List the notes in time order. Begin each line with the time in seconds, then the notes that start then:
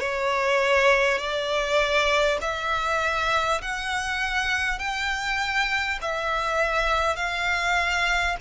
0.00 C#5
1.18 D5
2.41 E5
3.62 F#5
4.79 G5
6.02 E5
7.16 F5